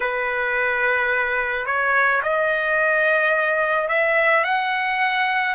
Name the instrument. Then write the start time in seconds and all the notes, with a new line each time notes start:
trumpet
0.00 B4
1.66 C#5
2.22 D#5
3.88 E5
4.44 F#5